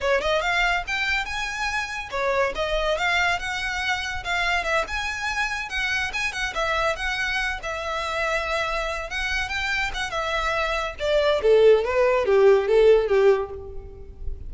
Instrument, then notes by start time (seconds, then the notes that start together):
violin
0.00 C#5
0.21 D#5
0.41 F5
0.87 G5
1.25 G#5
2.10 C#5
2.55 D#5
2.97 F5
3.39 F#5
4.24 F5
4.63 E5
4.87 G#5
5.69 F#5
6.13 G#5
6.32 F#5
6.54 E5
6.96 F#5
7.62 E5
9.10 F#5
9.48 G5
9.94 F#5
10.10 E5
10.99 D5
11.42 A4
11.84 B4
12.25 G4
12.68 A4
13.07 G4